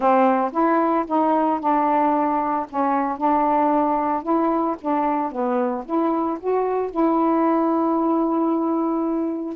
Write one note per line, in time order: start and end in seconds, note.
0.00 0.51 C4
0.52 1.05 E4
1.07 1.60 D#4
1.60 2.66 D4
2.69 3.17 C#4
3.17 4.22 D4
4.22 4.75 E4
4.81 5.31 D4
5.31 5.84 B3
5.85 6.38 E4
6.40 6.91 F#4
6.91 9.56 E4